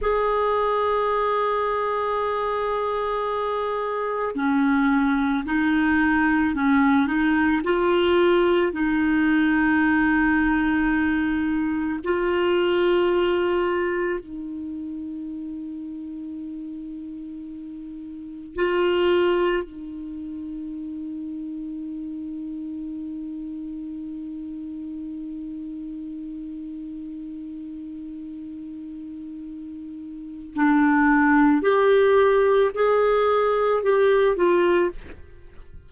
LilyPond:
\new Staff \with { instrumentName = "clarinet" } { \time 4/4 \tempo 4 = 55 gis'1 | cis'4 dis'4 cis'8 dis'8 f'4 | dis'2. f'4~ | f'4 dis'2.~ |
dis'4 f'4 dis'2~ | dis'1~ | dis'1 | d'4 g'4 gis'4 g'8 f'8 | }